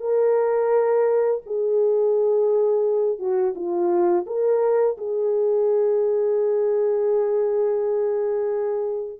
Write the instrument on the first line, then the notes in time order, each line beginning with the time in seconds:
horn
0.00 A#4
1.46 G#4
3.19 F#4
3.55 F4
4.26 A#4
4.98 G#4